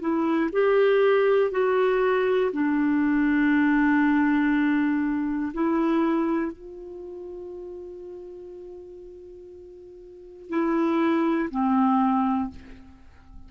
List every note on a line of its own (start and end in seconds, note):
0.00 0.50 E4
0.52 1.51 G4
1.51 2.51 F#4
2.52 5.52 D4
5.54 6.52 E4
6.52 10.49 F4
10.49 11.49 E4
11.50 12.50 C4